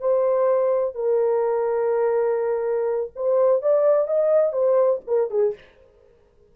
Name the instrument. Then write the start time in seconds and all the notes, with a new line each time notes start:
horn
0.00 C5
0.95 A#4
3.16 C5
3.62 D5
4.08 D#5
4.53 C5
5.07 A#4
5.31 G#4